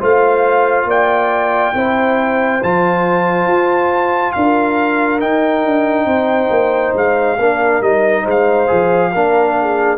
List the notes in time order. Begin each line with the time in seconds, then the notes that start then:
0.00 A3 F4 C5 F5
0.85 A#3 D5 G5
1.74 C4 E4 C5
2.63 F3 F4 A5
3.47 F4
4.33 D4 A#4 F5
5.20 D#4 G5
5.66 D4
6.06 C4 C5
6.50 A#3
6.95 G#3 F5
7.39 A#3 D4 A#4
7.81 G3 D#4 D#5
8.24 G#3 C5
8.30 F5
8.68 F3 G#4
9.14 A#3 D4 A#4
9.61 G#4